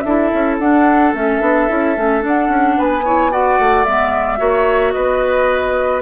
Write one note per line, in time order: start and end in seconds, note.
0.00 0.31 D4
0.00 2.77 A4
0.00 0.55 E5
0.06 0.61 E4
0.33 0.58 C#4
0.58 1.13 D4
0.58 1.15 D4
0.58 1.13 F#5
1.13 1.40 A3
1.13 1.41 C#4
1.13 2.23 E5
1.40 1.67 B3
1.40 1.68 D4
1.68 1.97 C#4
1.68 1.95 E4
1.95 2.23 A3
1.95 2.20 C#4
2.20 3.02 D4
2.20 2.48 D4
2.20 2.79 F#5
2.48 2.75 C#4
2.77 3.58 B3
2.77 3.04 B4
2.77 3.32 G#5
3.04 3.30 E4
3.04 3.31 C#5
3.30 3.85 F#4
3.30 4.38 D5
3.30 3.84 F#5
3.58 3.86 A3
3.84 4.39 G#3
3.84 4.37 B3
3.84 4.92 E5
4.37 4.94 A#3
4.37 6.01 F#4
4.37 4.93 C#5
4.92 6.01 B3
4.92 6.01 B4
4.92 6.01 D#5